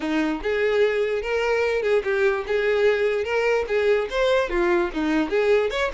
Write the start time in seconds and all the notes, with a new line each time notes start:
0.00 D#4
0.42 G#4
1.22 A#4
1.82 G#4
2.04 G4
2.46 G#4
3.24 A#4
3.67 G#4
4.10 C5
4.49 F4
4.93 D#4
5.29 G#4
5.70 C#5